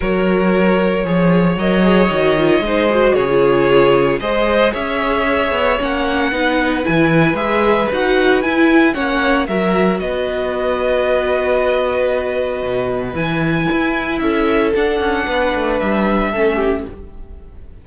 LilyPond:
<<
  \new Staff \with { instrumentName = "violin" } { \time 4/4 \tempo 4 = 114 cis''2. dis''4~ | dis''2 cis''2 | dis''4 e''2 fis''4~ | fis''4 gis''4 e''4 fis''4 |
gis''4 fis''4 e''4 dis''4~ | dis''1~ | dis''4 gis''2 e''4 | fis''2 e''2 | }
  \new Staff \with { instrumentName = "violin" } { \time 4/4 ais'2 cis''2~ | cis''4 c''4 gis'2 | c''4 cis''2. | b'1~ |
b'4 cis''4 ais'4 b'4~ | b'1~ | b'2. a'4~ | a'4 b'2 a'8 g'8 | }
  \new Staff \with { instrumentName = "viola" } { \time 4/4 fis'2 gis'4 ais'8 gis'8 | fis'8 f'8 dis'8 fis'8. f'4.~ f'16 | gis'2. cis'4 | dis'4 e'4 gis'4 fis'4 |
e'4 cis'4 fis'2~ | fis'1~ | fis'4 e'2. | d'2. cis'4 | }
  \new Staff \with { instrumentName = "cello" } { \time 4/4 fis2 f4 fis4 | dis4 gis4 cis2 | gis4 cis'4. b8 ais4 | b4 e4 gis4 dis'4 |
e'4 ais4 fis4 b4~ | b1 | b,4 e4 e'4 cis'4 | d'8 cis'8 b8 a8 g4 a4 | }
>>